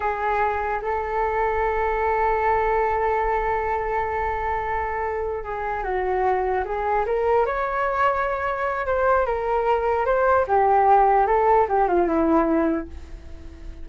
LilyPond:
\new Staff \with { instrumentName = "flute" } { \time 4/4 \tempo 4 = 149 gis'2 a'2~ | a'1~ | a'1~ | a'4. gis'4 fis'4.~ |
fis'8 gis'4 ais'4 cis''4.~ | cis''2 c''4 ais'4~ | ais'4 c''4 g'2 | a'4 g'8 f'8 e'2 | }